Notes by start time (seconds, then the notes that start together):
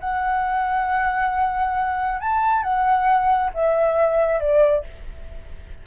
0.00 F#5
2.21 A5
2.63 F#5
3.54 E5
4.40 D5